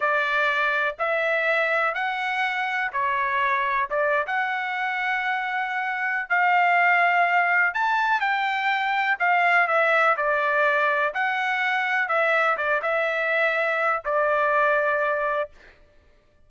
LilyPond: \new Staff \with { instrumentName = "trumpet" } { \time 4/4 \tempo 4 = 124 d''2 e''2 | fis''2 cis''2 | d''8. fis''2.~ fis''16~ | fis''4 f''2. |
a''4 g''2 f''4 | e''4 d''2 fis''4~ | fis''4 e''4 d''8 e''4.~ | e''4 d''2. | }